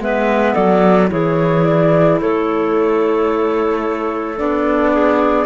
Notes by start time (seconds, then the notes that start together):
0.00 G#3 B3 B4 E5
0.54 F#3 A4 D5
1.08 E3 E4 G#4 C#5
1.65 D5
2.21 A3 A4 C#5
4.37 B3 D4 D5
4.92 G#4